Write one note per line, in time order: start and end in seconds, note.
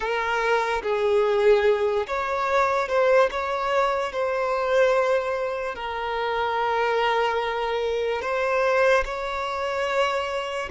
0.00 0.81 A#4
0.83 2.06 G#4
2.07 2.88 C#5
2.88 3.29 C5
3.31 4.12 C#5
4.12 5.75 C5
5.75 8.21 A#4
8.21 9.03 C5
9.04 10.68 C#5